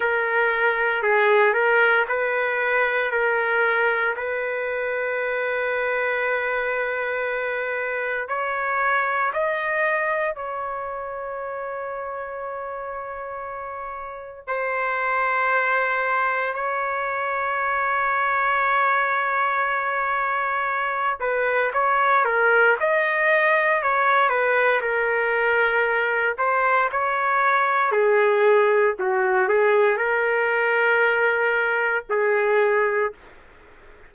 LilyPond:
\new Staff \with { instrumentName = "trumpet" } { \time 4/4 \tempo 4 = 58 ais'4 gis'8 ais'8 b'4 ais'4 | b'1 | cis''4 dis''4 cis''2~ | cis''2 c''2 |
cis''1~ | cis''8 b'8 cis''8 ais'8 dis''4 cis''8 b'8 | ais'4. c''8 cis''4 gis'4 | fis'8 gis'8 ais'2 gis'4 | }